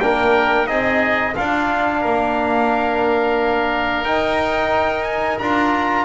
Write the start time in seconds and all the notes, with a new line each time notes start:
0.00 A#3 D4 A#4 G5
0.66 C4 D#4 G#4 D#5
1.35 D4 F4 F5
2.01 A#3 A#4
4.05 D#4 G5
5.03 G#5
5.39 D4 F4 A#5